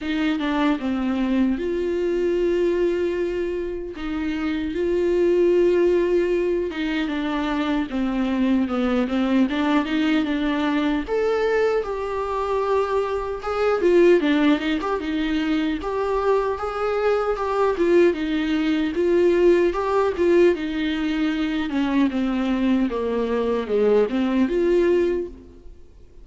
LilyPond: \new Staff \with { instrumentName = "viola" } { \time 4/4 \tempo 4 = 76 dis'8 d'8 c'4 f'2~ | f'4 dis'4 f'2~ | f'8 dis'8 d'4 c'4 b8 c'8 | d'8 dis'8 d'4 a'4 g'4~ |
g'4 gis'8 f'8 d'8 dis'16 g'16 dis'4 | g'4 gis'4 g'8 f'8 dis'4 | f'4 g'8 f'8 dis'4. cis'8 | c'4 ais4 gis8 c'8 f'4 | }